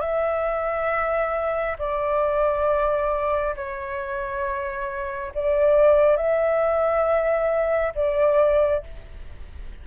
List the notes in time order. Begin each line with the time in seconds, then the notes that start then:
0.00 E5
1.78 D5
3.55 C#5
5.34 D5
6.16 E5
7.95 D5